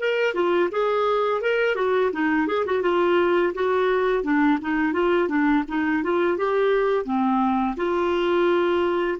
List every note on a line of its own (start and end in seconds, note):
0.00 0.34 A#4
0.34 0.70 F4
0.72 1.41 G#4
1.41 1.76 A#4
1.76 2.11 F#4
2.13 2.47 D#4
2.47 2.65 G#4
2.66 2.82 F#4
2.82 3.53 F4
3.54 4.23 F#4
4.23 4.59 D4
4.62 4.93 D#4
4.93 5.28 F4
5.29 5.64 D4
5.68 6.04 D#4
6.04 6.37 F4
6.37 7.05 G4
7.05 7.76 C4
7.76 9.18 F4